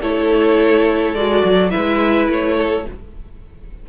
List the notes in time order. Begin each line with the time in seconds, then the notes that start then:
0.00 A3 E4 A4 C#5
1.14 G#3 F#4 D5
1.44 F#3
1.70 E4 B4 E5
1.76 G#3
2.28 A3 C#5
2.57 A4